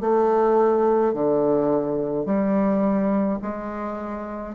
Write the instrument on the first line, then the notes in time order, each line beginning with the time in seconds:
bassoon
0.00 A3
1.13 D3
2.25 G3
3.42 G#3